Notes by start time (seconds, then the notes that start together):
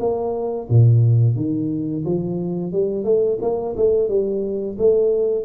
0.00 A#3
0.70 A#2
1.36 D#3
2.05 F3
2.73 G3
3.05 A3
3.42 A#3
3.77 A3
4.09 G3
4.79 A3